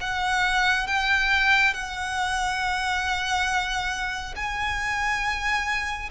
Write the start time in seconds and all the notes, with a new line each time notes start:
0.00 F#5
0.87 G5
1.74 F#5
4.36 G#5